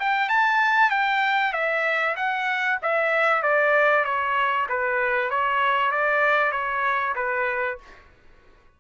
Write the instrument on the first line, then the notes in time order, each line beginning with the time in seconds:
trumpet
0.00 G5
0.29 A5
0.90 G5
1.53 E5
2.16 F#5
2.82 E5
3.43 D5
4.05 C#5
4.69 B4
5.30 C#5
5.91 D5
6.52 C#5
7.16 B4